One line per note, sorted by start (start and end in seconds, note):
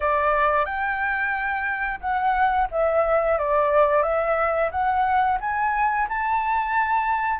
0.00 0.65 D5
0.65 1.99 G5
2.00 2.68 F#5
2.71 3.38 E5
3.38 4.02 D5
4.02 4.70 E5
4.71 5.38 F#5
5.40 6.07 G#5
6.08 7.39 A5